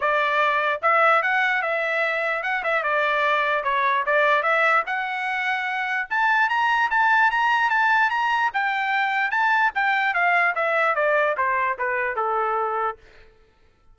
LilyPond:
\new Staff \with { instrumentName = "trumpet" } { \time 4/4 \tempo 4 = 148 d''2 e''4 fis''4 | e''2 fis''8 e''8 d''4~ | d''4 cis''4 d''4 e''4 | fis''2. a''4 |
ais''4 a''4 ais''4 a''4 | ais''4 g''2 a''4 | g''4 f''4 e''4 d''4 | c''4 b'4 a'2 | }